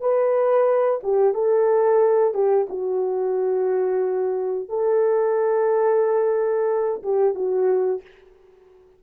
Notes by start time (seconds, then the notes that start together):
0.00 B4
1.03 G4
1.34 A4
2.34 G4
2.69 F#4
4.69 A4
7.03 G4
7.35 F#4